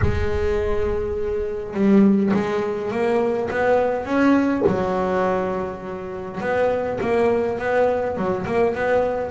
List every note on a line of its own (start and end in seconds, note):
0.01 1.73 G#3
1.73 2.32 G3
2.33 2.91 G#3
2.91 3.49 A#3
3.50 4.05 B3
4.05 4.63 C#4
4.66 6.41 F#3
6.41 6.99 B3
7.00 7.59 A#3
7.59 8.17 B3
8.17 8.46 F#3
8.46 8.75 A#3
8.75 9.31 B3